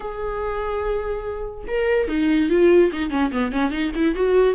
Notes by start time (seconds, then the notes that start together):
0.00 G#4
1.67 A#4
2.08 D#4
2.49 F4
2.92 D#4
3.10 C#4
3.31 B3
3.52 C#4
3.71 D#4
3.95 E4
4.15 F#4